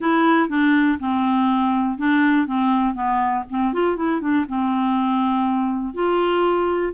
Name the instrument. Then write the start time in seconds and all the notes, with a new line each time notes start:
clarinet
0.00 E4
0.48 D4
0.99 C4
1.98 D4
2.47 C4
2.94 B3
3.50 C4
3.73 F4
3.96 E4
4.21 D4
4.48 C4
5.94 F4